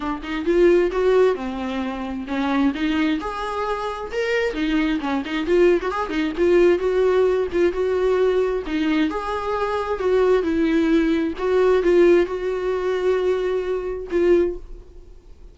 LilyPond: \new Staff \with { instrumentName = "viola" } { \time 4/4 \tempo 4 = 132 d'8 dis'8 f'4 fis'4 c'4~ | c'4 cis'4 dis'4 gis'4~ | gis'4 ais'4 dis'4 cis'8 dis'8 | f'8. fis'16 gis'8 dis'8 f'4 fis'4~ |
fis'8 f'8 fis'2 dis'4 | gis'2 fis'4 e'4~ | e'4 fis'4 f'4 fis'4~ | fis'2. f'4 | }